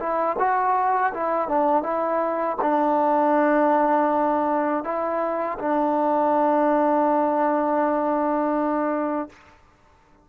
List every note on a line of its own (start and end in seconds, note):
0.00 0.37 E4
0.39 1.13 F#4
1.14 1.49 E4
1.49 1.83 D4
1.83 2.57 E4
2.62 4.85 D4
4.85 5.59 E4
5.59 9.30 D4